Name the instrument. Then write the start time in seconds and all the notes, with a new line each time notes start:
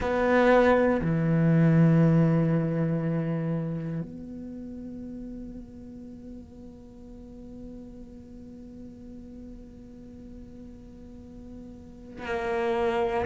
cello
0.00 B3
1.01 E3
4.01 B3
12.25 A#3